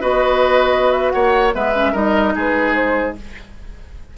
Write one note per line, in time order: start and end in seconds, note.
0.00 1.14 B3
0.00 1.51 F#4
0.00 1.12 B4
0.00 0.92 D#5
0.92 1.10 E5
1.10 1.54 A#3
1.10 1.54 C#5
1.10 1.51 F#5
1.51 1.93 G#3
1.51 1.72 B3
1.51 1.92 B4
1.51 1.95 E5
1.74 1.93 C#4
1.92 2.34 G3
1.92 3.16 D#4
1.92 2.33 A#4
1.92 2.35 D#5
2.35 3.17 G#3
2.35 3.17 G#4
2.35 2.74 B4
2.74 3.15 C5